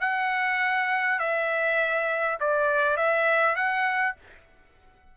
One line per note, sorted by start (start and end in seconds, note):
0.00 1.19 F#5
1.19 2.38 E5
2.40 2.96 D5
2.96 3.55 E5
3.55 4.15 F#5